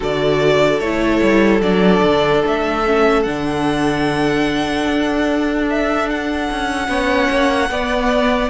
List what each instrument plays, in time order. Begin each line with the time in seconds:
0.00 cello D3, viola F#4, violin A4 D5
0.79 cello A3, viola E4, violin C#5
1.22 cello G3
1.60 cello F#3, viola D4, violin D5
2.02 cello D3
2.45 cello A3, violin E5
2.85 viola C#4
3.22 cello D3, viola D4, violin F#5
4.86 cello D4
5.69 violin E5
6.09 violin F#5
6.51 cello C#4
6.87 cello B3, viola C#4, violin C#5
7.29 cello A#3
7.69 cello B3, viola B3, violin D5